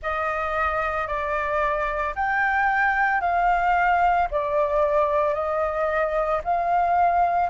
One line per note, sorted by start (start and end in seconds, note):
0.02 1.07 D#5
1.07 2.14 D5
2.15 3.20 G5
3.20 4.28 F5
4.31 5.34 D5
5.34 6.41 D#5
6.44 7.49 F5